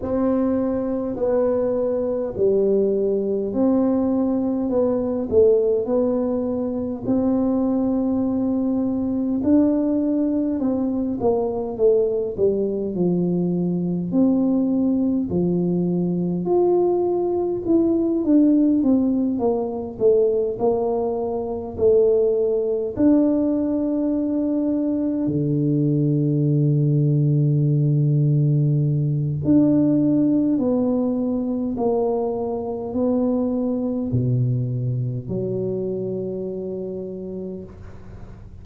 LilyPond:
\new Staff \with { instrumentName = "tuba" } { \time 4/4 \tempo 4 = 51 c'4 b4 g4 c'4 | b8 a8 b4 c'2 | d'4 c'8 ais8 a8 g8 f4 | c'4 f4 f'4 e'8 d'8 |
c'8 ais8 a8 ais4 a4 d'8~ | d'4. d2~ d8~ | d4 d'4 b4 ais4 | b4 b,4 fis2 | }